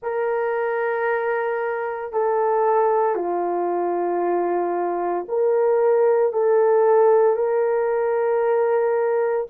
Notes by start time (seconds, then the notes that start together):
0.02 A#4
2.12 A4
3.15 F4
5.28 A#4
6.33 A4
7.36 A#4